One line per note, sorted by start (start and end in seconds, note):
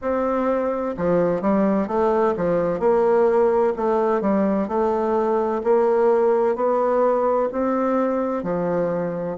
0.01 0.95 C4
0.97 1.41 F3
1.41 1.87 G3
1.87 2.34 A3
2.37 2.79 F3
2.79 3.73 A#3
3.76 4.21 A3
4.21 4.68 G3
4.68 5.62 A3
5.63 6.55 A#3
6.55 7.49 B3
7.52 8.43 C4
8.43 9.37 F3